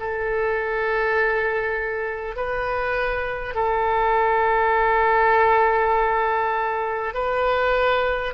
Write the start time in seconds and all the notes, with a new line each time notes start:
0.00 A4
2.37 B4
3.55 A4
7.15 B4